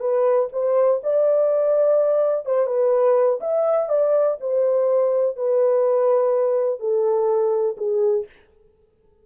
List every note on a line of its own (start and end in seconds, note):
0.00 0.48 B4
0.53 1.01 C5
1.03 2.46 D5
2.46 2.67 C5
2.67 3.39 B4
3.40 3.89 E5
3.89 4.37 D5
4.41 5.37 C5
5.37 6.80 B4
6.80 7.76 A4
7.77 8.26 G#4